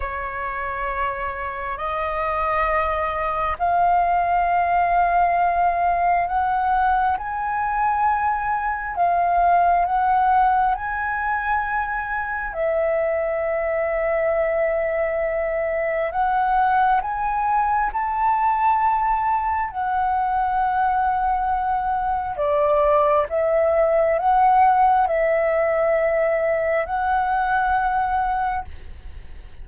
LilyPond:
\new Staff \with { instrumentName = "flute" } { \time 4/4 \tempo 4 = 67 cis''2 dis''2 | f''2. fis''4 | gis''2 f''4 fis''4 | gis''2 e''2~ |
e''2 fis''4 gis''4 | a''2 fis''2~ | fis''4 d''4 e''4 fis''4 | e''2 fis''2 | }